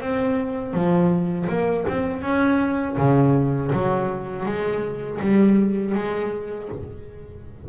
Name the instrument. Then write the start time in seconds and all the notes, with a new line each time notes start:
double bass
0.00 C4
0.73 F3
1.48 A#3
1.88 C4
2.22 C#4
2.97 C#3
3.72 F#3
4.45 G#3
5.21 G3
5.94 G#3